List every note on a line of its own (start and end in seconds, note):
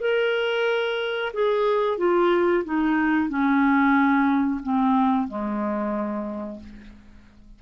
0.00 1.32 A#4
1.33 1.98 G#4
1.98 2.63 F4
2.64 3.29 D#4
3.29 4.61 C#4
4.63 5.27 C4
5.27 6.59 G#3